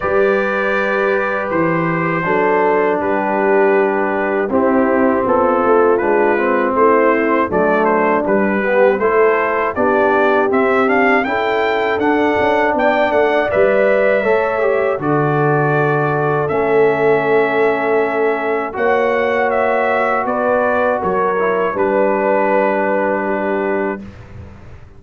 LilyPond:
<<
  \new Staff \with { instrumentName = "trumpet" } { \time 4/4 \tempo 4 = 80 d''2 c''2 | b'2 g'4 a'4 | b'4 c''4 d''8 c''8 b'4 | c''4 d''4 e''8 f''8 g''4 |
fis''4 g''8 fis''8 e''2 | d''2 e''2~ | e''4 fis''4 e''4 d''4 | cis''4 b'2. | }
  \new Staff \with { instrumentName = "horn" } { \time 4/4 b'2. a'4 | g'2 e'4 f'4~ | f'4 e'4 d'4. g'8 | a'4 g'2 a'4~ |
a'4 d''2 cis''4 | a'1~ | a'4 cis''2 b'4 | ais'4 b'2 g'4 | }
  \new Staff \with { instrumentName = "trombone" } { \time 4/4 g'2. d'4~ | d'2 c'2 | d'8 c'4. a4 g8 b8 | e'4 d'4 c'8 d'8 e'4 |
d'2 b'4 a'8 g'8 | fis'2 cis'2~ | cis'4 fis'2.~ | fis'8 e'8 d'2. | }
  \new Staff \with { instrumentName = "tuba" } { \time 4/4 g2 e4 fis4 | g2 c'4 b8 a8 | gis4 a4 fis4 g4 | a4 b4 c'4 cis'4 |
d'8 cis'8 b8 a8 g4 a4 | d2 a2~ | a4 ais2 b4 | fis4 g2. | }
>>